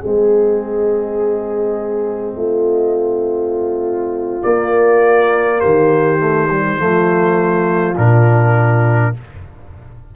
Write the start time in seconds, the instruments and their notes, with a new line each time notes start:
0.00 trombone C4, horn G#4, trumpet D#5
0.06 tuba G#3
2.36 tuba A3, horn F4
4.42 trombone A#3, tuba A#3, trumpet D5
5.60 tuba D#3, horn G4, trumpet C5
6.19 trombone A3
6.50 trombone G3
6.77 tuba F3, trombone A3, horn F4
7.96 tuba A#2, trombone D4, trumpet A#4